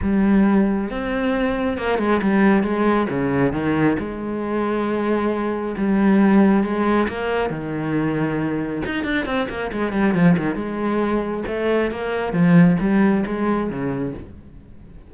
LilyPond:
\new Staff \with { instrumentName = "cello" } { \time 4/4 \tempo 4 = 136 g2 c'2 | ais8 gis8 g4 gis4 cis4 | dis4 gis2.~ | gis4 g2 gis4 |
ais4 dis2. | dis'8 d'8 c'8 ais8 gis8 g8 f8 dis8 | gis2 a4 ais4 | f4 g4 gis4 cis4 | }